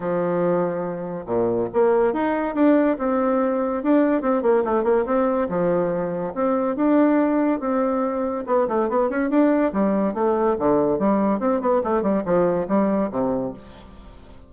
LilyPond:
\new Staff \with { instrumentName = "bassoon" } { \time 4/4 \tempo 4 = 142 f2. ais,4 | ais4 dis'4 d'4 c'4~ | c'4 d'4 c'8 ais8 a8 ais8 | c'4 f2 c'4 |
d'2 c'2 | b8 a8 b8 cis'8 d'4 g4 | a4 d4 g4 c'8 b8 | a8 g8 f4 g4 c4 | }